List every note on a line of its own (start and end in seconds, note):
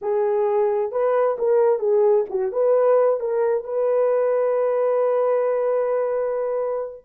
0.01 0.91 G#4
0.91 1.37 B4
1.38 1.79 A#4
1.79 2.24 G#4
2.29 2.51 F#4
2.51 3.19 B4
3.19 3.64 A#4
3.64 7.05 B4